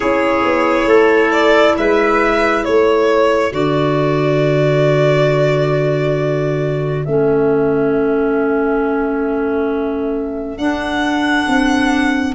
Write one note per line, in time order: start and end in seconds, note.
0.00 0.44 C#4
0.00 3.51 E4
0.00 0.88 G#4
0.00 1.31 C#5
0.44 0.85 B3
0.85 1.74 A3
0.85 1.76 A4
1.31 1.75 D5
1.77 2.66 G#3
1.77 2.66 B4
1.77 2.64 E5
2.64 3.52 A3
2.64 12.34 A4
2.64 3.52 C#5
3.51 7.05 D3
3.51 7.04 F#4
3.51 7.05 D5
7.05 10.58 A3
7.05 10.57 C#4
7.05 10.58 E5
10.57 12.34 D4
10.57 11.46 D4
10.57 12.34 F#5
11.47 12.34 C4